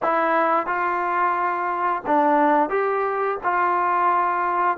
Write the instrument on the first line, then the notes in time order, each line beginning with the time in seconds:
trombone
0.02 E4
0.66 F4
2.06 D4
2.69 G4
3.43 F4